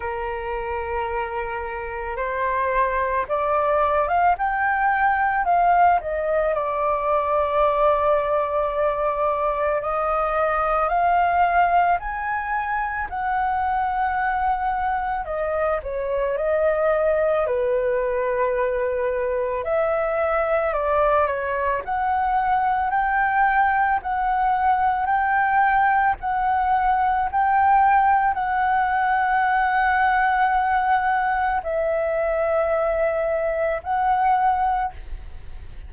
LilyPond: \new Staff \with { instrumentName = "flute" } { \time 4/4 \tempo 4 = 55 ais'2 c''4 d''8. f''16 | g''4 f''8 dis''8 d''2~ | d''4 dis''4 f''4 gis''4 | fis''2 dis''8 cis''8 dis''4 |
b'2 e''4 d''8 cis''8 | fis''4 g''4 fis''4 g''4 | fis''4 g''4 fis''2~ | fis''4 e''2 fis''4 | }